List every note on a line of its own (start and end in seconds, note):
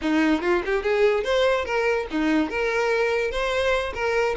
0.01 0.41 D#4
0.41 0.62 F4
0.65 0.82 G4
0.82 1.24 G#4
1.24 1.65 C5
1.65 2.06 A#4
2.10 2.49 D#4
2.49 3.31 A#4
3.31 3.93 C5
3.94 4.35 A#4